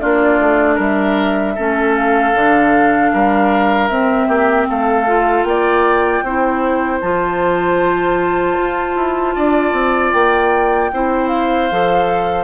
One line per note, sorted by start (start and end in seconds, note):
0.00 0.39 A#3
0.00 1.56 D4
0.00 0.75 F4
0.00 0.78 D5
0.39 0.78 A3
0.75 1.56 G3
0.75 1.53 A#4
0.75 1.94 E5
1.55 2.34 A3
1.55 2.34 C#4
1.55 3.11 A4
1.94 3.88 F5
2.34 3.12 D3
2.34 3.90 D4
3.12 3.89 G3
3.12 4.28 A#4
3.88 4.27 C4
3.88 5.07 C4
3.88 4.66 E5
4.27 4.66 A#3
4.27 4.67 G4
4.69 5.43 A3
4.69 5.47 A4
4.69 5.43 F5
5.07 6.24 F4
5.43 6.21 A#3
5.43 6.24 D5
5.43 6.99 G5
6.22 7.00 C4
6.22 7.02 E4
6.22 9.35 C5
7.00 8.57 F3
7.00 10.91 F4
7.00 10.12 A5
8.58 8.95 F4
8.95 9.34 E4
9.35 9.72 D4
9.35 10.91 D5
9.72 10.11 C4
10.12 10.91 A#3
10.12 11.27 G5
10.92 11.70 C4
10.92 11.71 E4
10.92 12.43 C5
11.27 12.43 F5
11.71 12.43 F3
11.71 12.43 A4